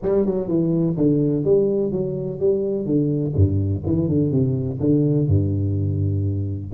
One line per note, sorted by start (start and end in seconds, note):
0.02 0.25 G3
0.25 0.48 F#3
0.48 0.96 E3
0.96 1.44 D3
1.44 1.91 G3
1.91 2.39 F#3
2.39 2.86 G3
2.86 3.34 D3
3.35 3.83 G2
3.86 4.08 E3
4.08 4.31 D3
4.31 4.79 C3
4.80 5.27 D3
5.27 6.71 G2